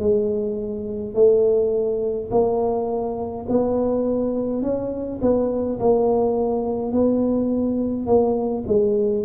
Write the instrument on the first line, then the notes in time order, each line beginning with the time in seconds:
tuba
0.00 G#3
1.15 A3
2.31 A#3
3.49 B3
4.63 C#4
5.22 B3
5.80 A#3
6.92 B3
8.07 A#3
8.67 G#3